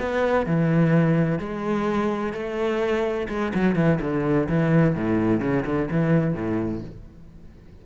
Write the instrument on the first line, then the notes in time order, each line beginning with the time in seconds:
cello
0.00 B3
0.47 E3
1.40 G#3
2.33 A3
3.29 G#3
3.55 F#3
3.76 E3
4.02 D3
4.49 E3
4.96 A2
5.41 C#3
5.66 D3
5.92 E3
6.35 A2